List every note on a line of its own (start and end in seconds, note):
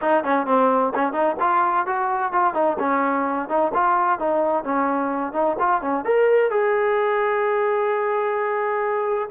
0.01 0.24 D#4
0.24 0.46 C#4
0.46 0.93 C4
0.95 1.12 C#4
1.12 1.36 D#4
1.40 1.86 F4
1.86 2.32 F#4
2.32 2.54 F4
2.54 2.77 D#4
2.79 3.48 C#4
3.48 3.71 D#4
3.74 4.19 F4
4.19 4.63 D#4
4.63 5.33 C#4
5.33 5.56 D#4
5.59 5.81 F4
5.81 6.04 C#4
6.04 6.50 A#4
6.50 9.29 G#4